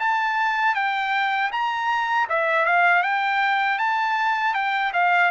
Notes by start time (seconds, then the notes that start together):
0.00 A5
0.75 G5
1.53 A#5
2.30 E5
2.66 F5
3.03 G5
3.79 A5
4.55 G5
4.94 F5